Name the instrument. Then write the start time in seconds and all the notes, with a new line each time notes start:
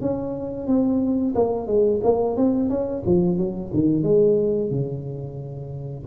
tuba
0.00 C#4
0.66 C4
1.35 A#3
1.66 G#3
2.03 A#3
2.36 C4
2.69 C#4
3.06 F3
3.37 F#3
3.73 D#3
4.03 G#3
4.70 C#3